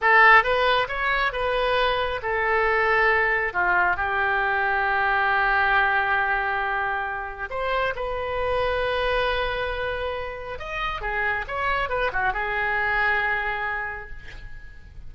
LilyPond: \new Staff \with { instrumentName = "oboe" } { \time 4/4 \tempo 4 = 136 a'4 b'4 cis''4 b'4~ | b'4 a'2. | f'4 g'2.~ | g'1~ |
g'4 c''4 b'2~ | b'1 | dis''4 gis'4 cis''4 b'8 fis'8 | gis'1 | }